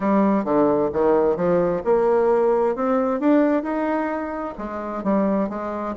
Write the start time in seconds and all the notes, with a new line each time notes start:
0.00 G3
0.44 D3
0.93 D#3
1.36 F3
1.84 A#3
2.75 C4
3.20 D4
3.62 D#4
4.58 G#3
5.03 G3
5.49 G#3